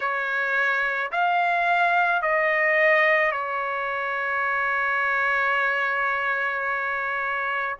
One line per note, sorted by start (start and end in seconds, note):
0.00 1.11 C#5
1.11 2.22 F5
2.22 3.31 D#5
3.31 7.76 C#5